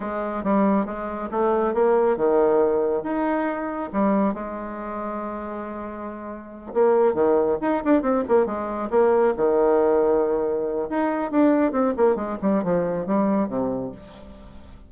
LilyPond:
\new Staff \with { instrumentName = "bassoon" } { \time 4/4 \tempo 4 = 138 gis4 g4 gis4 a4 | ais4 dis2 dis'4~ | dis'4 g4 gis2~ | gis2.~ gis8 ais8~ |
ais8 dis4 dis'8 d'8 c'8 ais8 gis8~ | gis8 ais4 dis2~ dis8~ | dis4 dis'4 d'4 c'8 ais8 | gis8 g8 f4 g4 c4 | }